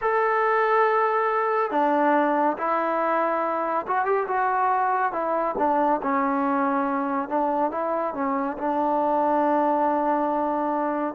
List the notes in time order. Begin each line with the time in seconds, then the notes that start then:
0.01 A4
1.71 D4
2.57 E4
3.86 F#4
4.05 G4
4.27 F#4
5.12 E4
5.58 D4
6.02 C#4
7.29 D4
7.71 E4
8.14 C#4
8.58 D4